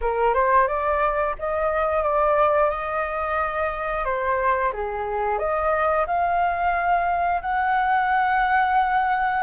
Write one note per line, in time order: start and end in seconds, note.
0.01 0.34 A#4
0.34 0.67 C5
0.67 1.35 D5
1.38 2.02 D#5
2.02 2.70 D5
2.70 4.04 D#5
4.04 4.72 C5
4.73 5.38 G#4
5.38 6.05 D#5
6.06 7.41 F5
7.41 9.43 F#5